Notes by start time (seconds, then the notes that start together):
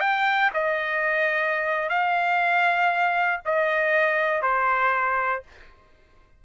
0.00 G5
0.54 D#5
1.89 F5
3.45 D#5
4.42 C5